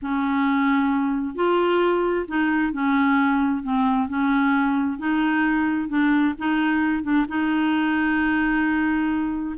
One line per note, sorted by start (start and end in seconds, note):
0.01 1.35 C#4
1.35 2.26 F4
2.28 2.72 D#4
2.72 3.63 C#4
3.63 4.08 C4
4.08 4.98 C#4
4.98 5.89 D#4
5.89 6.34 D4
6.38 7.03 D#4
7.03 7.26 D4
7.28 9.55 D#4